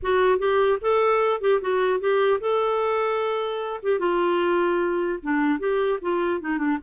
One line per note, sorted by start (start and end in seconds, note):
0.02 0.38 F#4
0.38 0.78 G4
0.81 1.41 A4
1.41 1.61 G4
1.61 2.00 F#4
2.00 2.40 G4
2.40 3.80 A4
3.82 3.99 G4
3.99 5.19 F4
5.22 5.59 D4
5.59 5.99 G4
6.01 6.41 F4
6.41 6.57 D#4
6.57 6.77 D4